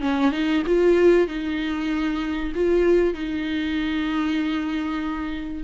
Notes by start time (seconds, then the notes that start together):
0.00 C#4
0.31 D#4
0.66 F4
1.27 D#4
2.55 F4
3.14 D#4